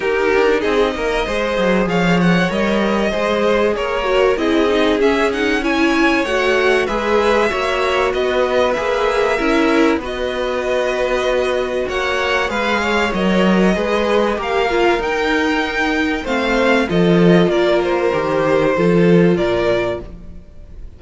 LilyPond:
<<
  \new Staff \with { instrumentName = "violin" } { \time 4/4 \tempo 4 = 96 ais'4 dis''2 f''8 fis''8 | dis''2 cis''4 dis''4 | e''8 fis''8 gis''4 fis''4 e''4~ | e''4 dis''4 e''2 |
dis''2. fis''4 | f''4 dis''2 f''4 | g''2 f''4 dis''4 | d''8 c''2~ c''8 d''4 | }
  \new Staff \with { instrumentName = "violin" } { \time 4/4 g'4 gis'8 ais'8 c''4 cis''4~ | cis''4 c''4 ais'4 gis'4~ | gis'4 cis''2 b'4 | cis''4 b'2 ais'4 |
b'2. cis''4 | b'8 cis''4. b'4 ais'4~ | ais'2 c''4 a'4 | ais'2 a'4 ais'4 | }
  \new Staff \with { instrumentName = "viola" } { \time 4/4 dis'2 gis'2 | ais'4 gis'4. fis'8 e'8 dis'8 | cis'8 dis'8 e'4 fis'4 gis'4 | fis'2 gis'4 e'4 |
fis'1 | gis'4 ais'4 gis'4 g'8 f'8 | dis'2 c'4 f'4~ | f'4 g'4 f'2 | }
  \new Staff \with { instrumentName = "cello" } { \time 4/4 dis'8 d'8 c'8 ais8 gis8 fis8 f4 | g4 gis4 ais4 c'4 | cis'2 a4 gis4 | ais4 b4 ais4 cis'4 |
b2. ais4 | gis4 fis4 gis4 ais4 | dis'2 a4 f4 | ais4 dis4 f4 ais,4 | }
>>